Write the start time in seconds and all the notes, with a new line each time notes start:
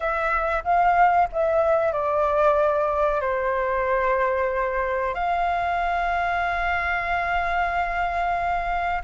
0.00 E5
0.63 F5
1.32 E5
1.92 D5
3.21 C5
5.14 F5